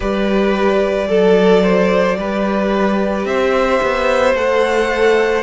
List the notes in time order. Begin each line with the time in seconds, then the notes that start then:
0.00 G3 G4 B4 D5
1.07 F#3 A4
1.62 C5
2.17 G3 G4 B4
3.24 C4 C5 E5
3.82 B3
4.34 A3 A4 F#5